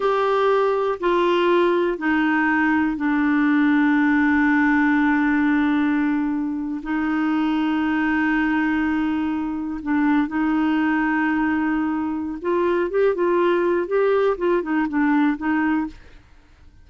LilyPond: \new Staff \with { instrumentName = "clarinet" } { \time 4/4 \tempo 4 = 121 g'2 f'2 | dis'2 d'2~ | d'1~ | d'4.~ d'16 dis'2~ dis'16~ |
dis'2.~ dis'8. d'16~ | d'8. dis'2.~ dis'16~ | dis'4 f'4 g'8 f'4. | g'4 f'8 dis'8 d'4 dis'4 | }